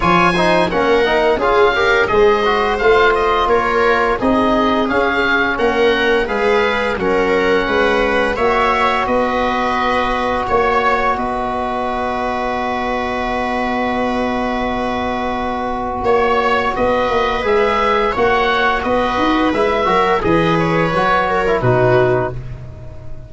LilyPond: <<
  \new Staff \with { instrumentName = "oboe" } { \time 4/4 \tempo 4 = 86 gis''4 fis''4 f''4 dis''4 | f''8 dis''8 cis''4 dis''4 f''4 | fis''4 f''4 fis''2 | e''4 dis''2 cis''4 |
dis''1~ | dis''2. cis''4 | dis''4 e''4 fis''4 dis''4 | e''4 dis''8 cis''4. b'4 | }
  \new Staff \with { instrumentName = "viola" } { \time 4/4 cis''8 c''8 ais'4 gis'8 ais'8 c''4~ | c''4 ais'4 gis'2 | ais'4 b'4 ais'4 b'4 | cis''4 b'2 cis''4 |
b'1~ | b'2. cis''4 | b'2 cis''4 b'4~ | b'8 ais'8 b'4. ais'8 fis'4 | }
  \new Staff \with { instrumentName = "trombone" } { \time 4/4 f'8 dis'8 cis'8 dis'8 f'8 g'8 gis'8 fis'8 | f'2 dis'4 cis'4~ | cis'4 gis'4 cis'2 | fis'1~ |
fis'1~ | fis'1~ | fis'4 gis'4 fis'2 | e'8 fis'8 gis'4 fis'8. e'16 dis'4 | }
  \new Staff \with { instrumentName = "tuba" } { \time 4/4 f4 ais4 cis'4 gis4 | a4 ais4 c'4 cis'4 | ais4 gis4 fis4 gis4 | ais4 b2 ais4 |
b1~ | b2. ais4 | b8 ais8 gis4 ais4 b8 dis'8 | gis8 fis8 e4 fis4 b,4 | }
>>